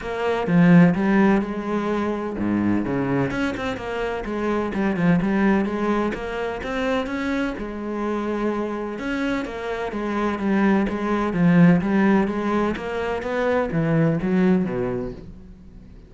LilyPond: \new Staff \with { instrumentName = "cello" } { \time 4/4 \tempo 4 = 127 ais4 f4 g4 gis4~ | gis4 gis,4 cis4 cis'8 c'8 | ais4 gis4 g8 f8 g4 | gis4 ais4 c'4 cis'4 |
gis2. cis'4 | ais4 gis4 g4 gis4 | f4 g4 gis4 ais4 | b4 e4 fis4 b,4 | }